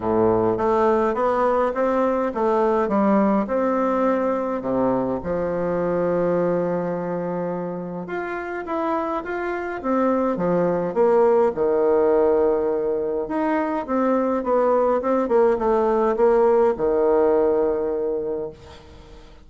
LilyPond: \new Staff \with { instrumentName = "bassoon" } { \time 4/4 \tempo 4 = 104 a,4 a4 b4 c'4 | a4 g4 c'2 | c4 f2.~ | f2 f'4 e'4 |
f'4 c'4 f4 ais4 | dis2. dis'4 | c'4 b4 c'8 ais8 a4 | ais4 dis2. | }